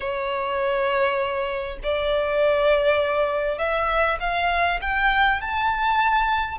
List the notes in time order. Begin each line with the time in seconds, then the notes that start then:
0.00 C#5
1.83 D5
3.58 E5
4.20 F5
4.81 G5
5.41 A5